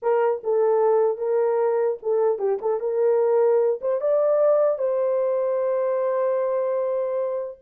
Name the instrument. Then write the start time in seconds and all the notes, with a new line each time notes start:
horn
0.02 A#4
0.43 A4
1.17 A#4
2.02 A4
2.39 G4
2.61 A4
2.79 A#4
3.81 C5
4.01 D5
4.78 C5